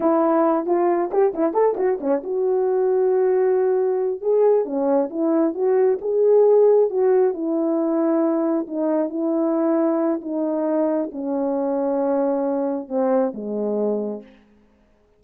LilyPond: \new Staff \with { instrumentName = "horn" } { \time 4/4 \tempo 4 = 135 e'4. f'4 g'8 e'8 a'8 | fis'8 cis'8 fis'2.~ | fis'4. gis'4 cis'4 e'8~ | e'8 fis'4 gis'2 fis'8~ |
fis'8 e'2. dis'8~ | dis'8 e'2~ e'8 dis'4~ | dis'4 cis'2.~ | cis'4 c'4 gis2 | }